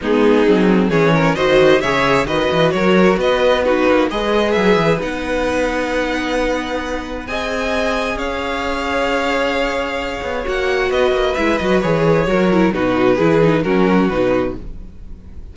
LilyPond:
<<
  \new Staff \with { instrumentName = "violin" } { \time 4/4 \tempo 4 = 132 gis'2 cis''4 dis''4 | e''4 dis''4 cis''4 dis''4 | b'4 dis''4 e''4 fis''4~ | fis''1 |
gis''2 f''2~ | f''2. fis''4 | dis''4 e''8 dis''8 cis''2 | b'2 ais'4 b'4 | }
  \new Staff \with { instrumentName = "violin" } { \time 4/4 dis'2 gis'8 ais'8 c''4 | cis''4 b'4 ais'4 b'4 | fis'4 b'2.~ | b'1 |
dis''2 cis''2~ | cis''1 | b'2. ais'4 | fis'4 gis'4 fis'2 | }
  \new Staff \with { instrumentName = "viola" } { \time 4/4 b4 c'4 cis'4 fis'4 | gis'4 fis'2. | dis'4 gis'2 dis'4~ | dis'1 |
gis'1~ | gis'2. fis'4~ | fis'4 e'8 fis'8 gis'4 fis'8 e'8 | dis'4 e'8 dis'8 cis'4 dis'4 | }
  \new Staff \with { instrumentName = "cello" } { \time 4/4 gis4 fis4 e4 dis4 | cis4 dis8 e8 fis4 b4~ | b8 ais8 gis4 fis8 e8 b4~ | b1 |
c'2 cis'2~ | cis'2~ cis'8 b8 ais4 | b8 ais8 gis8 fis8 e4 fis4 | b,4 e4 fis4 b,4 | }
>>